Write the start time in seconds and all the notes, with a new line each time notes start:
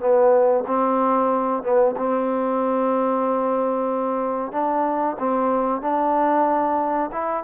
0.00 B3
0.67 C4
1.63 B3
1.97 C4
4.52 D4
5.19 C4
5.82 D4
7.12 E4